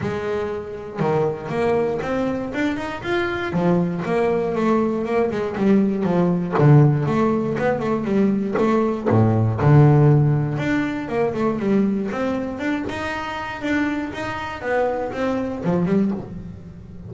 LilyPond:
\new Staff \with { instrumentName = "double bass" } { \time 4/4 \tempo 4 = 119 gis2 dis4 ais4 | c'4 d'8 dis'8 f'4 f4 | ais4 a4 ais8 gis8 g4 | f4 d4 a4 b8 a8 |
g4 a4 a,4 d4~ | d4 d'4 ais8 a8 g4 | c'4 d'8 dis'4. d'4 | dis'4 b4 c'4 f8 g8 | }